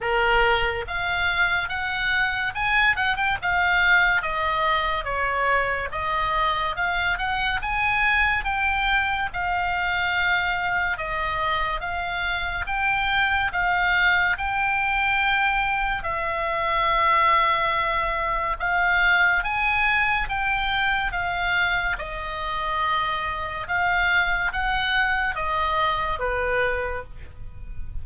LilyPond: \new Staff \with { instrumentName = "oboe" } { \time 4/4 \tempo 4 = 71 ais'4 f''4 fis''4 gis''8 fis''16 g''16 | f''4 dis''4 cis''4 dis''4 | f''8 fis''8 gis''4 g''4 f''4~ | f''4 dis''4 f''4 g''4 |
f''4 g''2 e''4~ | e''2 f''4 gis''4 | g''4 f''4 dis''2 | f''4 fis''4 dis''4 b'4 | }